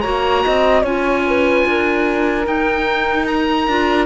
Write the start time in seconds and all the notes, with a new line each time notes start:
0.00 A#3 F#4 C#5 A#5
0.44 C4 D#5
0.82 C#4 F4 C#5 G#5
1.27 B4
1.66 D4 A#4
2.44 D#4 G5
3.26 A#5
3.67 D4 F4